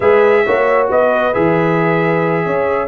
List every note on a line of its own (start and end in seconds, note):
0.00 0.44 G#3
0.00 0.46 G#4
0.00 0.44 B4
0.00 0.87 E5
0.45 0.91 A#3
0.45 1.33 F#4
0.45 0.90 C#5
0.90 1.35 B3
0.90 2.45 B4
0.90 1.34 D#5
1.33 2.45 E3
1.33 2.87 G#4
1.33 2.87 E5
2.45 2.87 C#4
2.45 2.87 C#5